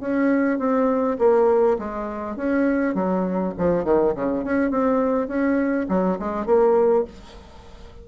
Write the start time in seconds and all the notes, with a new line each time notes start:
0.00 C#4
0.58 C4
1.18 A#3
1.78 G#3
2.36 C#4
2.94 F#3
3.57 F3
3.84 D#3
4.15 C#3
4.44 C#4
4.71 C4
5.28 C#4
5.89 F#3
6.19 G#3
6.46 A#3